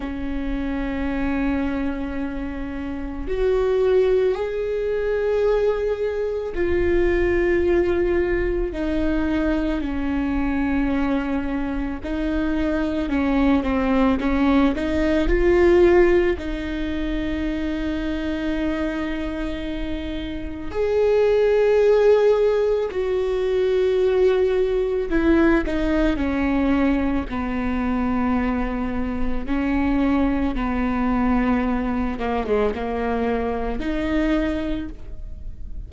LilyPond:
\new Staff \with { instrumentName = "viola" } { \time 4/4 \tempo 4 = 55 cis'2. fis'4 | gis'2 f'2 | dis'4 cis'2 dis'4 | cis'8 c'8 cis'8 dis'8 f'4 dis'4~ |
dis'2. gis'4~ | gis'4 fis'2 e'8 dis'8 | cis'4 b2 cis'4 | b4. ais16 gis16 ais4 dis'4 | }